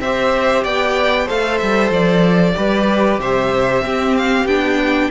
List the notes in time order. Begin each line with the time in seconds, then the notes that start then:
0.00 C4 G4 C5 E5
0.64 B3 D5 G5
1.25 A3 A4 C5 F5
1.58 G3 E5
1.90 F3 D5
2.55 G3 G4 B4
3.18 C3 C5 E5
3.82 C4 G4
4.16 F5
4.44 B3 D4 G5